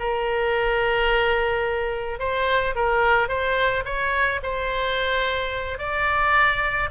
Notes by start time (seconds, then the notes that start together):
0.00 A#4
2.19 C5
2.76 A#4
3.29 C5
3.85 C#5
4.43 C5
5.79 D5